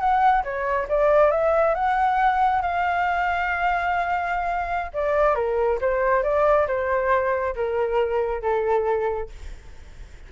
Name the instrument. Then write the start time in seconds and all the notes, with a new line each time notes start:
flute
0.00 F#5
0.44 C#5
0.89 D5
1.31 E5
1.75 F#5
2.62 F5
4.94 D5
5.35 A#4
5.81 C5
6.23 D5
6.67 C5
7.56 A#4
8.42 A4